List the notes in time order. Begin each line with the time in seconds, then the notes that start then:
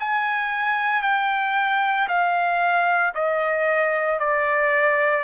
0.00 G#5
1.02 G5
2.09 F5
3.15 D#5
4.20 D5